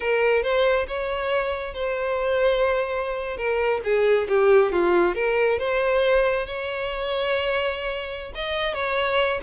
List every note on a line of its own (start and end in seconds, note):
0.00 0.42 A#4
0.42 0.86 C5
0.87 1.73 C#5
1.73 3.37 C5
3.37 3.80 A#4
3.84 4.27 G#4
4.28 4.72 G4
4.72 5.14 F4
5.14 5.58 A#4
5.58 6.46 C5
6.46 8.32 C#5
8.34 8.74 D#5
8.74 9.39 C#5